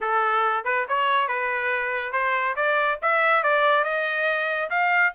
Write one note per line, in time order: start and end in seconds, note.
0.01 0.64 A4
0.64 0.86 B4
0.88 1.28 C#5
1.28 2.12 B4
2.12 2.55 C5
2.56 2.98 D5
3.02 3.43 E5
3.43 3.84 D5
3.84 4.69 D#5
4.70 5.13 F5